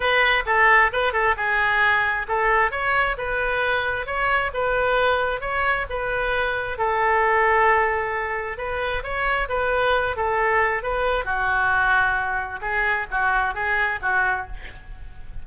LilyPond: \new Staff \with { instrumentName = "oboe" } { \time 4/4 \tempo 4 = 133 b'4 a'4 b'8 a'8 gis'4~ | gis'4 a'4 cis''4 b'4~ | b'4 cis''4 b'2 | cis''4 b'2 a'4~ |
a'2. b'4 | cis''4 b'4. a'4. | b'4 fis'2. | gis'4 fis'4 gis'4 fis'4 | }